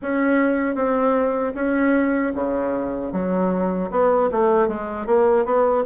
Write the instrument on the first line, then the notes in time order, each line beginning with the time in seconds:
bassoon
0.02 C#4
0.75 C4
1.54 C#4
2.34 C#3
3.12 F#3
3.90 B3
4.31 A3
4.68 G#3
5.06 A#3
5.45 B3